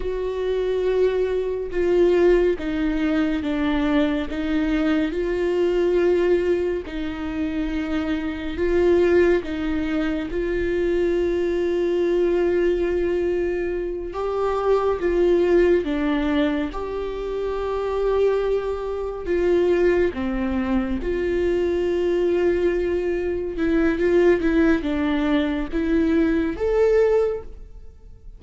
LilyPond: \new Staff \with { instrumentName = "viola" } { \time 4/4 \tempo 4 = 70 fis'2 f'4 dis'4 | d'4 dis'4 f'2 | dis'2 f'4 dis'4 | f'1~ |
f'8 g'4 f'4 d'4 g'8~ | g'2~ g'8 f'4 c'8~ | c'8 f'2. e'8 | f'8 e'8 d'4 e'4 a'4 | }